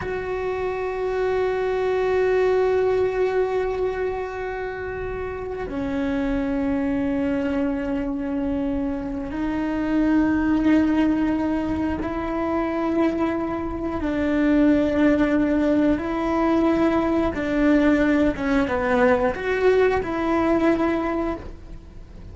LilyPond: \new Staff \with { instrumentName = "cello" } { \time 4/4 \tempo 4 = 90 fis'1~ | fis'1~ | fis'8 cis'2.~ cis'8~ | cis'2 dis'2~ |
dis'2 e'2~ | e'4 d'2. | e'2 d'4. cis'8 | b4 fis'4 e'2 | }